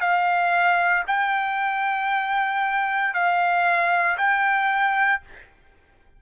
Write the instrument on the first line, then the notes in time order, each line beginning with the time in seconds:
trumpet
0.00 F5
1.07 G5
3.14 F5
4.18 G5